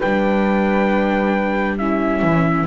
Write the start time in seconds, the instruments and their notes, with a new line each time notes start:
0.00 double bass G3, viola D4, flute B4, trumpet G5
1.79 viola C#4, flute E4, trumpet E5
2.22 double bass E3